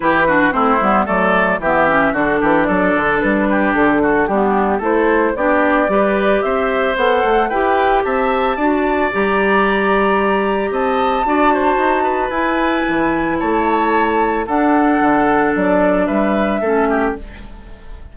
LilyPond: <<
  \new Staff \with { instrumentName = "flute" } { \time 4/4 \tempo 4 = 112 b'4 c''4 d''4 e''4 | a'4 d''4 b'4 a'4 | g'4 c''4 d''2 | e''4 fis''4 g''4 a''4~ |
a''4 ais''2. | a''2. gis''4~ | gis''4 a''2 fis''4~ | fis''4 d''4 e''2 | }
  \new Staff \with { instrumentName = "oboe" } { \time 4/4 g'8 fis'8 e'4 a'4 g'4 | fis'8 g'8 a'4. g'4 fis'8 | d'4 a'4 g'4 b'4 | c''2 b'4 e''4 |
d''1 | dis''4 d''8 c''4 b'4.~ | b'4 cis''2 a'4~ | a'2 b'4 a'8 g'8 | }
  \new Staff \with { instrumentName = "clarinet" } { \time 4/4 e'8 d'8 c'8 b8 a4 b8 cis'8 | d'1 | b4 e'4 d'4 g'4~ | g'4 a'4 g'2 |
fis'4 g'2.~ | g'4 fis'2 e'4~ | e'2. d'4~ | d'2. cis'4 | }
  \new Staff \with { instrumentName = "bassoon" } { \time 4/4 e4 a8 g8 fis4 e4 | d8 e8 fis8 d8 g4 d4 | g4 a4 b4 g4 | c'4 b8 a8 e'4 c'4 |
d'4 g2. | c'4 d'4 dis'4 e'4 | e4 a2 d'4 | d4 fis4 g4 a4 | }
>>